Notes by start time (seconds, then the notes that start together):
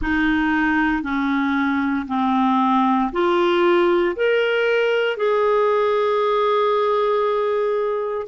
0.01 D#4
1.03 C#4
2.07 C4
3.12 F4
4.16 A#4
5.16 G#4